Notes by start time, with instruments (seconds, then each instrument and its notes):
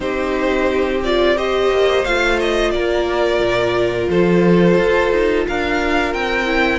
0.00 cello C4, viola D#4, violin G4 C5
1.03 viola F4, violin D5
1.36 viola G4, violin C5 D#5
1.70 cello A#3
2.05 cello A3, viola F4, violin F5
2.39 violin D#5
2.70 cello A#3, violin A#4 D5
3.40 cello A#2
4.09 cello F3, violin A4 C5
4.77 cello F4
5.11 cello D#4
5.47 cello D4, violin A#4 F5
6.13 cello C4, violin G5
6.45 viola E4